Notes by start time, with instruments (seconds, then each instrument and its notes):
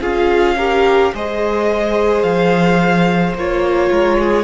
0.00 cello C#4, viola F4, violin G#4 F5
0.57 viola G4, violin A#4
1.14 cello G#3, viola G#4, violin C5 D#5
2.23 cello F3, violin F5
3.35 cello A#3, viola F4, violin C#5
3.90 cello G#3, violin A#4
4.19 violin G#4